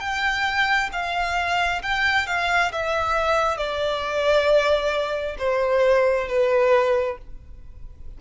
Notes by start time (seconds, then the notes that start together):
0.00 G5
0.92 F5
1.82 G5
2.27 F5
2.72 E5
3.57 D5
5.39 C5
6.28 B4